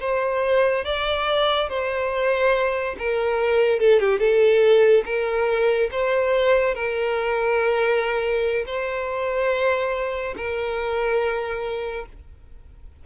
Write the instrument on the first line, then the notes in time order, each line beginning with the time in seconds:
violin
0.00 C5
0.85 D5
1.69 C5
2.98 A#4
3.80 A4
3.99 G4
4.19 A4
5.05 A#4
5.91 C5
6.75 A#4
8.66 C5
10.37 A#4